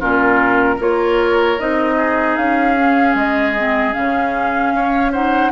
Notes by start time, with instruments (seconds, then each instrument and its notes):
0.00 bassoon A#2, clarinet C#4, oboe F4, flute A#4
0.76 bassoon A#3, clarinet F4, oboe A#4, flute C#5
1.59 bassoon C4, clarinet D#4, flute D#5
1.97 oboe G#4
2.37 bassoon C#4, flute F5
2.77 clarinet C#4
3.15 bassoon G#3, flute D#5
3.57 clarinet C4
3.93 bassoon C#3, clarinet C#4, flute F5
4.75 bassoon C#4, oboe C#5
5.12 clarinet D#4, oboe C5, flute F#5